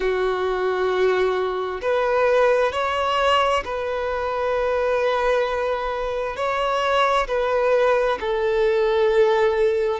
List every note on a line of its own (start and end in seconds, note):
0.00 1.81 F#4
1.81 2.72 B4
2.72 3.63 C#5
3.64 6.36 B4
6.36 7.27 C#5
7.27 8.18 B4
8.20 10.00 A4